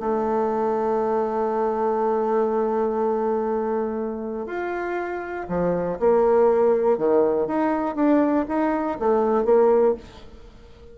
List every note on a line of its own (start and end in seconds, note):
0.00 4.46 A3
4.46 5.46 F4
5.49 5.99 F3
6.00 6.98 A#3
6.98 7.47 D#3
7.47 7.95 D#4
7.95 8.45 D4
8.48 8.98 D#4
9.00 9.45 A3
9.45 9.95 A#3